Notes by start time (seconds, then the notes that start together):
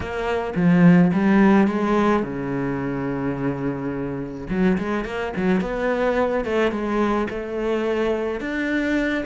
0.00 A#3
0.55 F3
1.13 G3
1.67 G#3
2.23 C#3
4.49 F#3
4.77 G#3
5.04 A#3
5.36 F#3
5.60 B3
6.45 A3
6.71 G#3
7.30 A3
8.40 D4